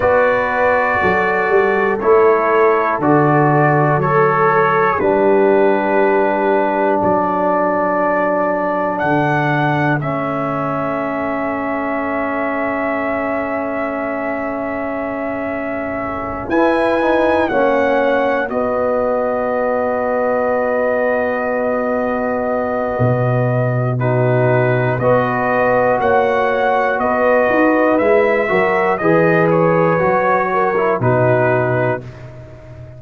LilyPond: <<
  \new Staff \with { instrumentName = "trumpet" } { \time 4/4 \tempo 4 = 60 d''2 cis''4 d''4 | cis''4 b'2 d''4~ | d''4 fis''4 e''2~ | e''1~ |
e''8 gis''4 fis''4 dis''4.~ | dis''1 | b'4 dis''4 fis''4 dis''4 | e''4 dis''8 cis''4. b'4 | }
  \new Staff \with { instrumentName = "horn" } { \time 4/4 b'4 a'2.~ | a'4 g'2 a'4~ | a'1~ | a'1~ |
a'8 b'4 cis''4 b'4.~ | b'1 | fis'4 b'4 cis''4 b'4~ | b'8 ais'8 b'4. ais'8 fis'4 | }
  \new Staff \with { instrumentName = "trombone" } { \time 4/4 fis'2 e'4 fis'4 | a'4 d'2.~ | d'2 cis'2~ | cis'1~ |
cis'8 e'8 dis'8 cis'4 fis'4.~ | fis'1 | dis'4 fis'2. | e'8 fis'8 gis'4 fis'8. e'16 dis'4 | }
  \new Staff \with { instrumentName = "tuba" } { \time 4/4 b4 fis8 g8 a4 d4 | fis4 g2 fis4~ | fis4 d4 a2~ | a1~ |
a8 e'4 ais4 b4.~ | b2. b,4~ | b,4 b4 ais4 b8 dis'8 | gis8 fis8 e4 fis4 b,4 | }
>>